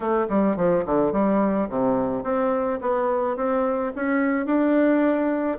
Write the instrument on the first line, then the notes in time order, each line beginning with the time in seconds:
bassoon
0.00 A3
0.29 G3
0.56 F3
0.85 D3
1.12 G3
1.69 C3
2.23 C4
2.81 B3
3.36 C4
3.95 C#4
4.46 D4